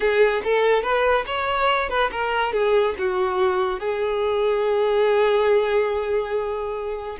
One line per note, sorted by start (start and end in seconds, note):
0.00 0.42 G#4
0.44 0.82 A4
0.82 1.25 B4
1.26 1.89 C#5
1.89 2.10 B4
2.11 2.52 A#4
2.52 2.95 G#4
2.98 3.79 F#4
3.79 7.17 G#4